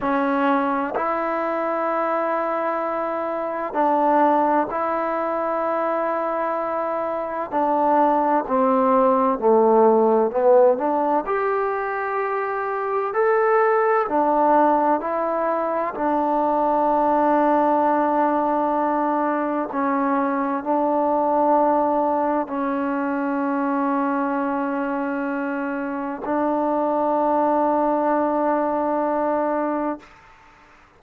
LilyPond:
\new Staff \with { instrumentName = "trombone" } { \time 4/4 \tempo 4 = 64 cis'4 e'2. | d'4 e'2. | d'4 c'4 a4 b8 d'8 | g'2 a'4 d'4 |
e'4 d'2.~ | d'4 cis'4 d'2 | cis'1 | d'1 | }